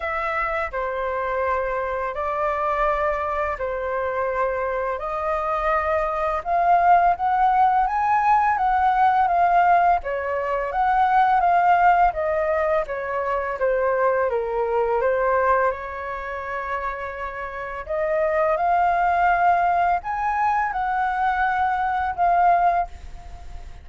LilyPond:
\new Staff \with { instrumentName = "flute" } { \time 4/4 \tempo 4 = 84 e''4 c''2 d''4~ | d''4 c''2 dis''4~ | dis''4 f''4 fis''4 gis''4 | fis''4 f''4 cis''4 fis''4 |
f''4 dis''4 cis''4 c''4 | ais'4 c''4 cis''2~ | cis''4 dis''4 f''2 | gis''4 fis''2 f''4 | }